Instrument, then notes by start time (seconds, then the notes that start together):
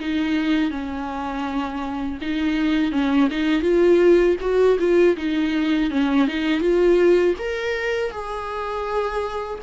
viola
0.00 D#4
0.71 C#4
2.22 D#4
2.92 C#4
3.31 D#4
3.62 F4
4.41 F#4
4.79 F4
5.17 D#4
5.91 C#4
6.28 D#4
6.61 F4
7.39 A#4
8.11 G#4